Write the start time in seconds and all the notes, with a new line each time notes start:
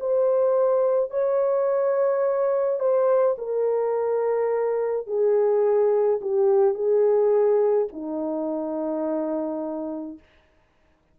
0.00 C5
1.11 C#5
2.80 C5
3.38 A#4
5.07 G#4
6.22 G4
6.75 G#4
7.92 D#4